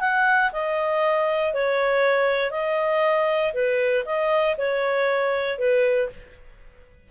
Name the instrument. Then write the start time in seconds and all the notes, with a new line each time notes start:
clarinet
0.00 F#5
0.52 D#5
1.53 C#5
2.51 D#5
3.53 B4
4.05 D#5
4.57 C#5
5.58 B4